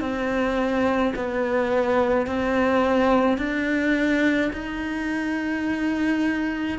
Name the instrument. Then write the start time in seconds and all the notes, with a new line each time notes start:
cello
0.00 C4
1.15 B3
2.26 C4
3.38 D4
4.53 D#4